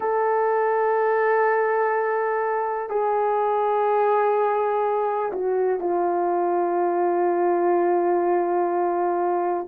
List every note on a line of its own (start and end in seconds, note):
0.00 2.89 A4
2.89 5.31 G#4
5.32 5.79 F#4
5.79 9.66 F4